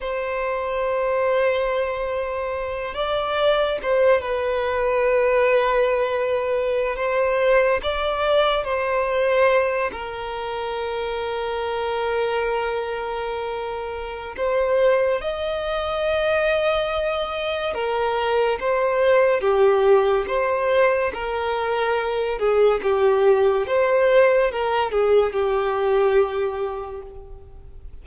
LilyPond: \new Staff \with { instrumentName = "violin" } { \time 4/4 \tempo 4 = 71 c''2.~ c''8 d''8~ | d''8 c''8 b'2.~ | b'16 c''4 d''4 c''4. ais'16~ | ais'1~ |
ais'4 c''4 dis''2~ | dis''4 ais'4 c''4 g'4 | c''4 ais'4. gis'8 g'4 | c''4 ais'8 gis'8 g'2 | }